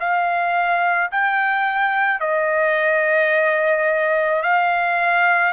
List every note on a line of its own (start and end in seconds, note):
0.00 1.11 F5
1.12 2.21 G5
2.21 4.43 D#5
4.43 5.53 F5